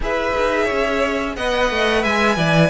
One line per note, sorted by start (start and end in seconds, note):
0.00 0.32 E4
0.00 1.37 G#4
0.00 0.64 B4
0.00 1.36 E5
0.36 0.70 D#4
0.64 1.32 C#5
0.70 1.36 C#4
1.36 1.70 B3
1.36 2.70 B4
1.36 2.01 D#5
1.36 2.04 F#5
1.70 2.04 A3
2.01 2.37 G#3
2.01 2.36 E5
2.01 2.70 G#5
2.36 2.70 E3
2.36 2.70 D5